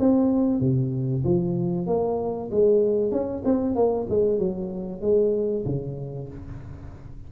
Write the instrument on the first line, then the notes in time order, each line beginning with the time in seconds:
tuba
0.00 C4
0.61 C3
1.25 F3
1.87 A#3
2.51 G#3
3.12 C#4
3.45 C4
3.76 A#3
4.10 G#3
4.39 F#3
5.02 G#3
5.66 C#3